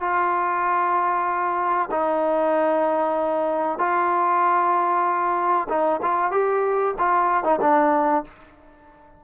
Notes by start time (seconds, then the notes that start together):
0.00 F4
1.91 D#4
3.79 F4
5.69 D#4
6.02 F4
6.31 G4
6.99 F4
7.44 D#4
7.61 D4